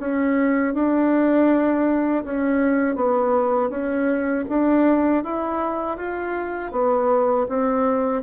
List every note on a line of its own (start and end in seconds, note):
0.00 0.74 C#4
0.74 2.24 D4
2.25 2.96 C#4
2.96 3.70 B3
3.70 4.45 C#4
4.49 5.24 D4
5.24 5.98 E4
5.98 6.72 F4
6.72 7.47 B3
7.49 8.23 C4